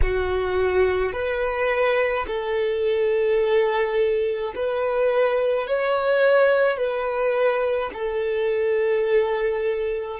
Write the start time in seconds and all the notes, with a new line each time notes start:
0.02 F#4
1.12 B4
2.26 A4
4.55 B4
5.67 C#5
6.77 B4
7.92 A4